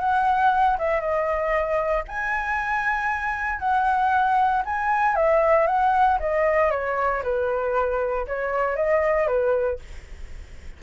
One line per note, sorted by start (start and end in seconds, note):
0.00 0.78 F#5
0.79 1.01 E5
1.01 2.04 D#5
2.08 3.60 G#5
3.60 4.63 F#5
4.66 5.16 G#5
5.16 5.67 E5
5.67 6.19 F#5
6.20 6.71 D#5
6.71 7.23 C#5
7.23 8.27 B4
8.28 8.76 C#5
8.76 9.28 D#5
9.28 9.79 B4